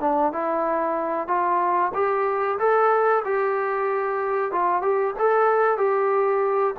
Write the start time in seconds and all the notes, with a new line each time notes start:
0.00 D4
0.32 E4
1.27 F4
1.94 G4
2.59 A4
3.25 G4
4.52 F4
4.82 G4
5.19 A4
5.77 G4